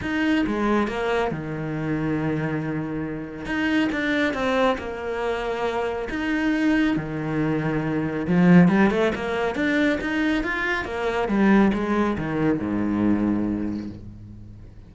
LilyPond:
\new Staff \with { instrumentName = "cello" } { \time 4/4 \tempo 4 = 138 dis'4 gis4 ais4 dis4~ | dis1 | dis'4 d'4 c'4 ais4~ | ais2 dis'2 |
dis2. f4 | g8 a8 ais4 d'4 dis'4 | f'4 ais4 g4 gis4 | dis4 gis,2. | }